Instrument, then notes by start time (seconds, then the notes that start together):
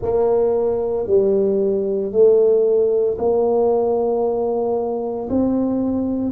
tuba
0.01 A#3
1.06 G3
2.11 A3
3.18 A#3
5.29 C4